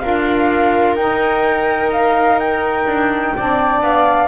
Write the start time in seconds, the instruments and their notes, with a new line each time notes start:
0.00 double bass D4, saxophone F4, viola A#4, flute F5
0.96 double bass D#4, saxophone D#4, flute G5
1.92 flute F5
2.39 flute G5
2.86 double bass D4
3.37 double bass C4, saxophone D4, viola D5
3.82 double bass B3, flute F5